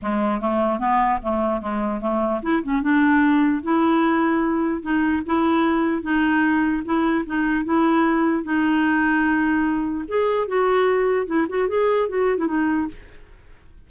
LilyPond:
\new Staff \with { instrumentName = "clarinet" } { \time 4/4 \tempo 4 = 149 gis4 a4 b4 a4 | gis4 a4 e'8 cis'8 d'4~ | d'4 e'2. | dis'4 e'2 dis'4~ |
dis'4 e'4 dis'4 e'4~ | e'4 dis'2.~ | dis'4 gis'4 fis'2 | e'8 fis'8 gis'4 fis'8. e'16 dis'4 | }